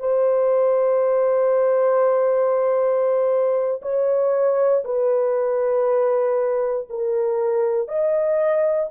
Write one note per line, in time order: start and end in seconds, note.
0.00 3.81 C5
3.82 4.84 C#5
4.85 6.88 B4
6.90 7.89 A#4
7.89 8.90 D#5